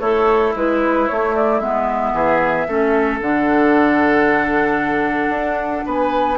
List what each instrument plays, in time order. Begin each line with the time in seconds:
0.00 bassoon A3, oboe E4, clarinet A4, flute C#5
0.56 bassoon G#3, clarinet E4, flute B4
1.08 clarinet A3, bassoon A3, flute C#5
1.36 flute D5
1.60 bassoon G#3, clarinet B3, flute E5
2.13 bassoon E3, oboe G#4
2.68 bassoon A3, clarinet C#4, oboe A4
3.22 bassoon D3, clarinet D4, flute F#5
5.30 bassoon D4
5.86 bassoon B3, oboe B4, flute G#5